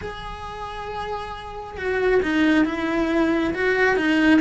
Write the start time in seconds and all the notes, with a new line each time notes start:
0.01 G#4
1.76 F#4
2.22 D#4
2.65 E4
3.53 F#4
3.96 D#4